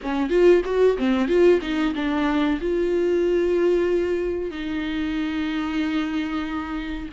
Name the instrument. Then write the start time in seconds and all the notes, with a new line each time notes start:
viola
0.02 C#4
0.29 F4
0.65 F#4
0.98 C4
1.27 F4
1.61 D#4
1.95 D4
2.60 F4
4.50 D#4